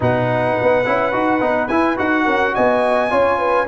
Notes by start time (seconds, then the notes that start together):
0.00 B2 D#4 B4 F#5
0.62 B3
0.85 C#4 E4
1.12 D#4 F#4
1.40 B3 D#4
1.68 E4 G#5
1.97 D#4 F#4 F#5
2.24 C#4 A#4
2.54 B3 D#5 G#5
3.10 C#4 F4 C#5
3.38 B4